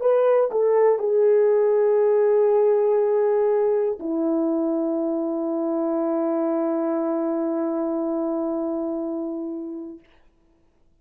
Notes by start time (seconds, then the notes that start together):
0.00 B4
0.50 A4
0.98 G#4
4.00 E4